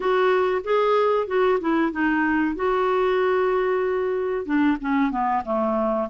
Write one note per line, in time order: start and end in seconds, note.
0.00 0.62 F#4
0.64 1.27 G#4
1.27 1.59 F#4
1.60 1.91 E4
1.91 2.55 D#4
2.55 4.45 F#4
4.45 4.77 D4
4.80 5.11 C#4
5.11 5.43 B3
5.44 6.08 A3